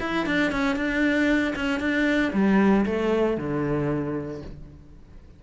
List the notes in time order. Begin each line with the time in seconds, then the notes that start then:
0.00 E4
0.26 D4
0.52 C#4
0.76 D4
1.56 C#4
1.80 D4
2.33 G3
2.86 A3
3.37 D3